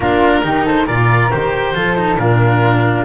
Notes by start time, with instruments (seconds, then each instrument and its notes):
0.00 double bass A#3, cello D4, flute F4, oboe A#4
0.42 double bass D#3, cello D#4, flute G4
0.64 flute A4, oboe C5
0.85 double bass A#2, cello F4, flute A#4, oboe D5
1.30 double bass D#3, cello G4, oboe C5
1.74 double bass F3, cello F4, flute A4
1.96 cello D#4
2.16 double bass A#2, cello D4, flute F4, oboe A#4